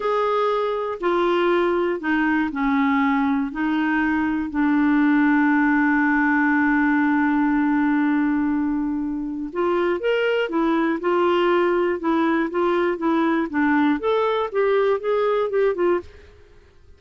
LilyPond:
\new Staff \with { instrumentName = "clarinet" } { \time 4/4 \tempo 4 = 120 gis'2 f'2 | dis'4 cis'2 dis'4~ | dis'4 d'2.~ | d'1~ |
d'2. f'4 | ais'4 e'4 f'2 | e'4 f'4 e'4 d'4 | a'4 g'4 gis'4 g'8 f'8 | }